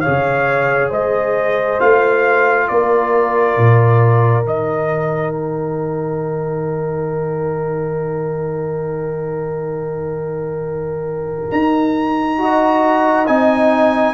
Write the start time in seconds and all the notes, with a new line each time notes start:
0.00 G#4 C#5 F5
0.07 C#3
0.89 G#3 C5 D#5
1.80 A3 F4 F5
2.68 A#3 A#4 D5
3.57 A#2
4.42 D#3 D#4 D#5
5.34 G5
11.51 D#4 A#5
12.38 F#4 D#5
13.26 C4 D#4 G#5